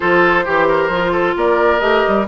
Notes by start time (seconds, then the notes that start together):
0.00 F3 F4 A4 C5
0.44 E3 G4
0.68 A#4
0.88 F3 F4
1.11 A4
1.36 A#3 A#4 D5
1.79 A3 G4 D#5
2.07 G3